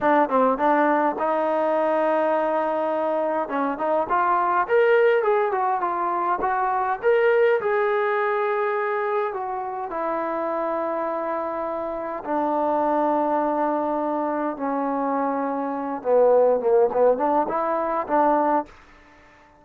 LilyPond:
\new Staff \with { instrumentName = "trombone" } { \time 4/4 \tempo 4 = 103 d'8 c'8 d'4 dis'2~ | dis'2 cis'8 dis'8 f'4 | ais'4 gis'8 fis'8 f'4 fis'4 | ais'4 gis'2. |
fis'4 e'2.~ | e'4 d'2.~ | d'4 cis'2~ cis'8 b8~ | b8 ais8 b8 d'8 e'4 d'4 | }